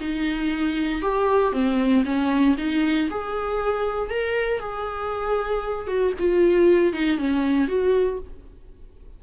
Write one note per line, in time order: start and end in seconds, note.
0.00 1.02 D#4
1.02 1.52 G4
1.52 2.03 C4
2.05 2.56 C#4
2.58 3.09 D#4
3.10 4.10 G#4
4.10 4.60 A#4
4.60 5.87 G#4
5.87 6.13 F#4
6.19 6.93 F4
6.93 7.18 D#4
7.18 7.68 C#4
7.68 8.19 F#4